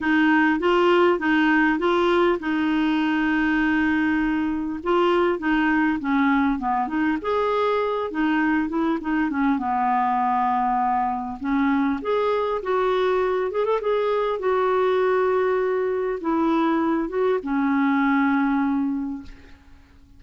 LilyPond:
\new Staff \with { instrumentName = "clarinet" } { \time 4/4 \tempo 4 = 100 dis'4 f'4 dis'4 f'4 | dis'1 | f'4 dis'4 cis'4 b8 dis'8 | gis'4. dis'4 e'8 dis'8 cis'8 |
b2. cis'4 | gis'4 fis'4. gis'16 a'16 gis'4 | fis'2. e'4~ | e'8 fis'8 cis'2. | }